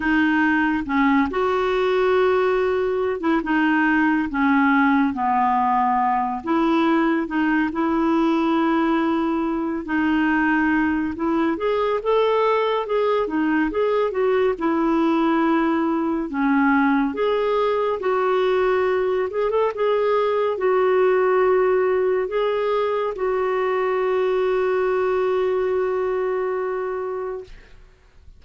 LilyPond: \new Staff \with { instrumentName = "clarinet" } { \time 4/4 \tempo 4 = 70 dis'4 cis'8 fis'2~ fis'16 e'16 | dis'4 cis'4 b4. e'8~ | e'8 dis'8 e'2~ e'8 dis'8~ | dis'4 e'8 gis'8 a'4 gis'8 dis'8 |
gis'8 fis'8 e'2 cis'4 | gis'4 fis'4. gis'16 a'16 gis'4 | fis'2 gis'4 fis'4~ | fis'1 | }